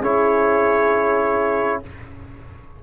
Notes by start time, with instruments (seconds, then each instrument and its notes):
0.00 tuba C#4, trombone E4, horn G#4, trumpet C#5